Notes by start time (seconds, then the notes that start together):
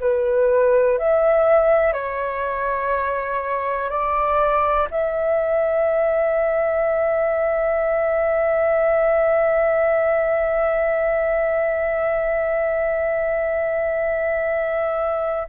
0.00 B4
0.98 E5
1.93 C#5
3.90 D5
4.91 E5